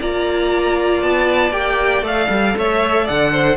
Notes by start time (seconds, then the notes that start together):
0.00 A#3 F4 D5 A#5
1.02 B3 A5
1.51 A#3 G4 G5
2.02 A3 A4 F5
2.29 G3
2.57 A3 C#5 E5
3.05 D3 D5 F#5
3.33 C5